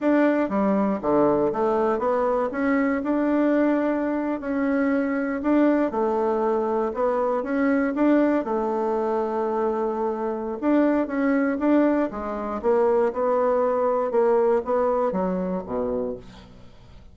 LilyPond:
\new Staff \with { instrumentName = "bassoon" } { \time 4/4 \tempo 4 = 119 d'4 g4 d4 a4 | b4 cis'4 d'2~ | d'8. cis'2 d'4 a16~ | a4.~ a16 b4 cis'4 d'16~ |
d'8. a2.~ a16~ | a4 d'4 cis'4 d'4 | gis4 ais4 b2 | ais4 b4 fis4 b,4 | }